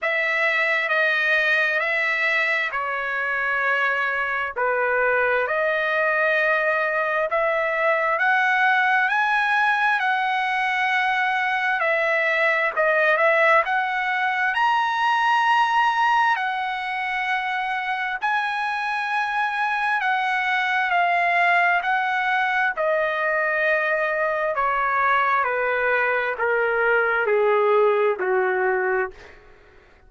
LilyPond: \new Staff \with { instrumentName = "trumpet" } { \time 4/4 \tempo 4 = 66 e''4 dis''4 e''4 cis''4~ | cis''4 b'4 dis''2 | e''4 fis''4 gis''4 fis''4~ | fis''4 e''4 dis''8 e''8 fis''4 |
ais''2 fis''2 | gis''2 fis''4 f''4 | fis''4 dis''2 cis''4 | b'4 ais'4 gis'4 fis'4 | }